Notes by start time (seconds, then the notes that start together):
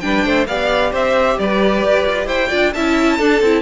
0.00 G3 D4 B4 G5
0.25 A3 C5
0.47 B3 G4 D5 F5
0.91 C4 C5 E5
1.38 G3 B4 D5
1.83 G4
2.06 F4
2.26 E4 C5 G5
2.48 D4 F4 D5
2.73 C#4 E4 E5 A5
3.18 D4 A4
3.41 C4 E4